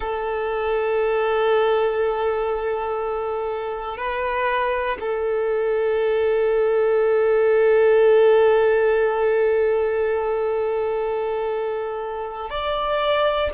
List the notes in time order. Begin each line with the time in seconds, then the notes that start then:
0.00 A4
3.97 B4
5.00 A4
12.50 D5